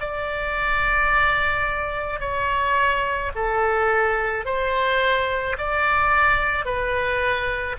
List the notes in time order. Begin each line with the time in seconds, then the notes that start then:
0.00 D5
2.20 C#5
3.35 A4
4.45 C5
5.58 D5
6.65 B4